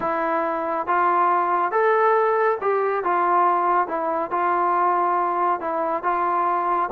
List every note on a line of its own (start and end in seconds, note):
0.00 0.86 E4
0.87 1.71 F4
1.71 2.58 A4
2.61 3.03 G4
3.03 3.87 F4
3.87 4.30 E4
4.30 5.60 F4
5.60 6.03 E4
6.03 6.89 F4